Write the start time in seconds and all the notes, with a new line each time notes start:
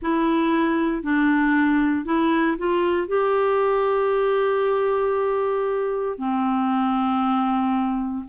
0.01 E4
1.03 D4
2.05 E4
2.58 F4
3.08 G4
6.17 C4